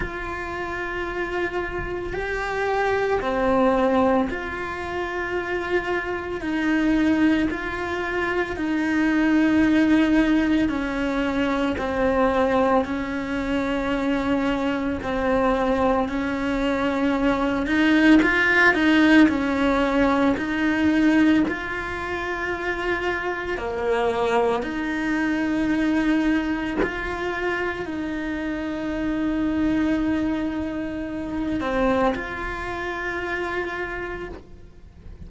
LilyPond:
\new Staff \with { instrumentName = "cello" } { \time 4/4 \tempo 4 = 56 f'2 g'4 c'4 | f'2 dis'4 f'4 | dis'2 cis'4 c'4 | cis'2 c'4 cis'4~ |
cis'8 dis'8 f'8 dis'8 cis'4 dis'4 | f'2 ais4 dis'4~ | dis'4 f'4 dis'2~ | dis'4. c'8 f'2 | }